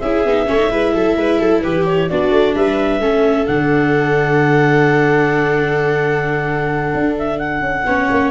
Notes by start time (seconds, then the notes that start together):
0.00 C#4 E4 G#4 E5
0.25 B3 D#4
0.47 A3 C#4 C#5
0.57 D#4
0.70 G#3 E4 B4
0.95 F#3 A4
1.16 G#3 B4
1.39 F#3 A4
1.61 E3 G4 B4
1.86 C#5
2.09 B3 D4 F#4 D5
2.31 A3
2.55 G3 B4 E5
3.00 A3 C#4 A4
3.47 D3 D4 F#5
6.94 D4
7.18 E5
7.39 F#5
7.61 C#4
7.85 B3 C#4 C#5
8.10 A#3